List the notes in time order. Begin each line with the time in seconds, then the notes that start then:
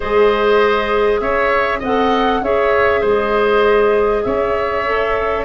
0.00 G#3 G#4 C5 D#5
1.19 C#4 C#5 E5
1.79 C4 A4 D#5 F#5
2.41 C#4 G#4 C#5 E5
3.00 G#3 C5 D#5
4.23 C#4 C#5 E5
4.85 A4